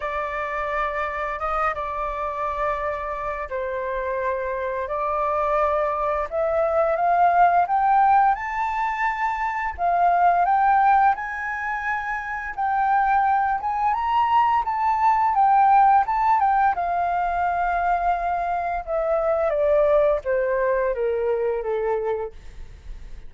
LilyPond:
\new Staff \with { instrumentName = "flute" } { \time 4/4 \tempo 4 = 86 d''2 dis''8 d''4.~ | d''4 c''2 d''4~ | d''4 e''4 f''4 g''4 | a''2 f''4 g''4 |
gis''2 g''4. gis''8 | ais''4 a''4 g''4 a''8 g''8 | f''2. e''4 | d''4 c''4 ais'4 a'4 | }